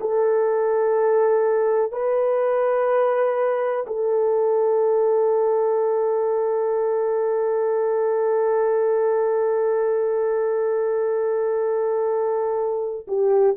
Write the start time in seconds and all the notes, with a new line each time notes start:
0.00 A4
1.92 B4
3.87 A4
13.07 G4